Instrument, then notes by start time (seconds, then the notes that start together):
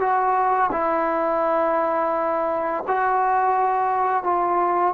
trombone
0.00 F#4
0.72 E4
2.87 F#4
4.24 F4